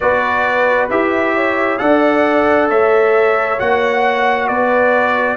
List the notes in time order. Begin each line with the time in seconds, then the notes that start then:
0.00 B3 F#4 B4 D5
0.89 E4 G4 E5
1.35 C#5
1.78 D4 A4 D5 F#5
2.69 A3 C#5 E5
3.58 A#3 F#4 F#5
4.47 B3 B4 D5